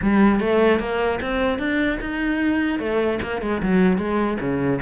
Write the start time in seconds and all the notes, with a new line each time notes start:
0.02 G3
0.40 A3
0.79 A#3
1.21 C4
1.58 D4
2.00 D#4
2.79 A3
3.21 A#3
3.41 G#3
3.62 F#3
3.97 G#3
4.40 C#3